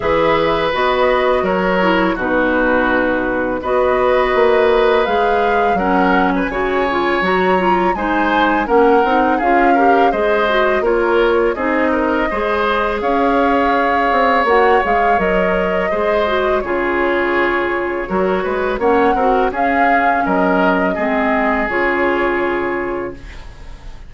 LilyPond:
<<
  \new Staff \with { instrumentName = "flute" } { \time 4/4 \tempo 4 = 83 e''4 dis''4 cis''4 b'4~ | b'4 dis''2 f''4 | fis''8. gis''4~ gis''16 ais''4 gis''4 | fis''4 f''4 dis''4 cis''4 |
dis''2 f''2 | fis''8 f''8 dis''2 cis''4~ | cis''2 fis''4 f''4 | dis''2 cis''2 | }
  \new Staff \with { instrumentName = "oboe" } { \time 4/4 b'2 ais'4 fis'4~ | fis'4 b'2. | ais'8. b'16 cis''2 c''4 | ais'4 gis'8 ais'8 c''4 ais'4 |
gis'8 ais'8 c''4 cis''2~ | cis''2 c''4 gis'4~ | gis'4 ais'8 b'8 cis''8 ais'8 gis'4 | ais'4 gis'2. | }
  \new Staff \with { instrumentName = "clarinet" } { \time 4/4 gis'4 fis'4. e'8 dis'4~ | dis'4 fis'2 gis'4 | cis'4 fis'8 f'8 fis'8 f'8 dis'4 | cis'8 dis'8 f'8 g'8 gis'8 fis'8 f'4 |
dis'4 gis'2. | fis'8 gis'8 ais'4 gis'8 fis'8 f'4~ | f'4 fis'4 cis'8 fis'8 cis'4~ | cis'4 c'4 f'2 | }
  \new Staff \with { instrumentName = "bassoon" } { \time 4/4 e4 b4 fis4 b,4~ | b,4 b4 ais4 gis4 | fis4 cis4 fis4 gis4 | ais8 c'8 cis'4 gis4 ais4 |
c'4 gis4 cis'4. c'8 | ais8 gis8 fis4 gis4 cis4~ | cis4 fis8 gis8 ais8 c'8 cis'4 | fis4 gis4 cis2 | }
>>